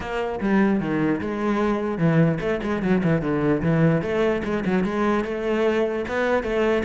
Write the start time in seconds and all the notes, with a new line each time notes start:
0.00 A#3
0.40 G3
0.80 D#3
1.20 G#3
1.98 E3
2.40 A3
2.62 G#3
2.82 F#3
3.03 E3
3.21 D3
3.62 E3
4.02 A3
4.43 G#3
4.65 F#3
4.84 G#3
5.24 A3
6.08 B3
6.43 A3